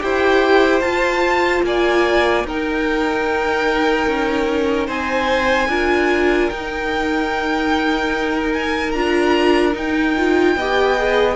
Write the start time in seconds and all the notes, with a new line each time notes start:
0.00 E4 G4 C5 G5
0.81 F4 A5
1.63 A#3 D5 G#5
2.44 D#4 A#4 G5
4.07 C#4
4.87 C4 C5 G#5
5.68 D4 F4 A#4
6.50 D#4 G5
8.54 G#5
8.92 D4 F4 A#5
9.73 D#4 G5
10.17 F4
10.56 B3 G4 D#5
10.98 G#4